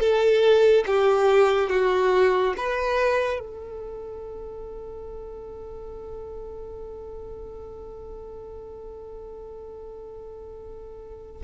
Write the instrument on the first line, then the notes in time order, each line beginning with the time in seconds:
violin
0.00 A4
0.87 G4
1.70 F#4
2.57 B4
3.40 A4